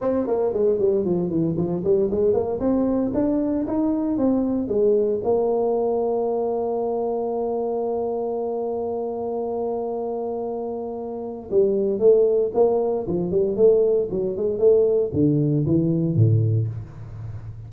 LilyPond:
\new Staff \with { instrumentName = "tuba" } { \time 4/4 \tempo 4 = 115 c'8 ais8 gis8 g8 f8 e8 f8 g8 | gis8 ais8 c'4 d'4 dis'4 | c'4 gis4 ais2~ | ais1~ |
ais1~ | ais2 g4 a4 | ais4 f8 g8 a4 fis8 gis8 | a4 d4 e4 a,4 | }